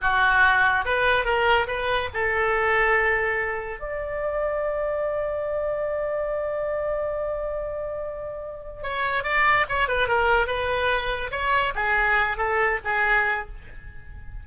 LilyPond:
\new Staff \with { instrumentName = "oboe" } { \time 4/4 \tempo 4 = 143 fis'2 b'4 ais'4 | b'4 a'2.~ | a'4 d''2.~ | d''1~ |
d''1~ | d''4 cis''4 d''4 cis''8 b'8 | ais'4 b'2 cis''4 | gis'4. a'4 gis'4. | }